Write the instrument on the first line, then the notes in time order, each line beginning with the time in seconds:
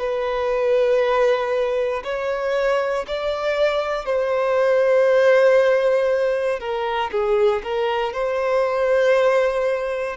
violin
0.00 B4
2.04 C#5
3.08 D5
4.06 C5
6.60 A#4
7.12 G#4
7.64 A#4
8.14 C5